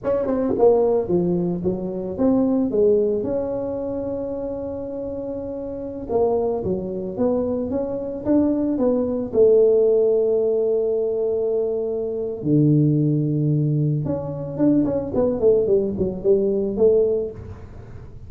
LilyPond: \new Staff \with { instrumentName = "tuba" } { \time 4/4 \tempo 4 = 111 cis'8 c'8 ais4 f4 fis4 | c'4 gis4 cis'2~ | cis'2.~ cis'16 ais8.~ | ais16 fis4 b4 cis'4 d'8.~ |
d'16 b4 a2~ a8.~ | a2. d4~ | d2 cis'4 d'8 cis'8 | b8 a8 g8 fis8 g4 a4 | }